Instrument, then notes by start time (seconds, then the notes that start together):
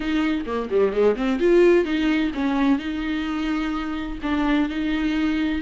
viola
0.00 D#4
0.46 A#3
0.70 G3
0.92 G#3
1.16 C4
1.39 F4
1.84 D#4
2.34 C#4
2.78 D#4
4.22 D4
4.69 D#4